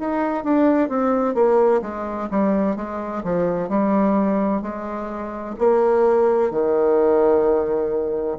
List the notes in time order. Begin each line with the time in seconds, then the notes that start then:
0.00 D#4
0.44 D4
0.89 C4
1.35 A#3
1.82 G#3
2.31 G3
2.76 G#3
3.24 F3
3.69 G3
4.62 G#3
5.59 A#3
6.51 D#3